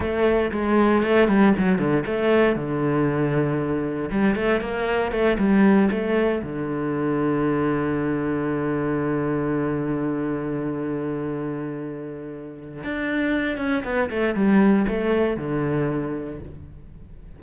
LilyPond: \new Staff \with { instrumentName = "cello" } { \time 4/4 \tempo 4 = 117 a4 gis4 a8 g8 fis8 d8 | a4 d2. | g8 a8 ais4 a8 g4 a8~ | a8 d2.~ d8~ |
d1~ | d1~ | d4 d'4. cis'8 b8 a8 | g4 a4 d2 | }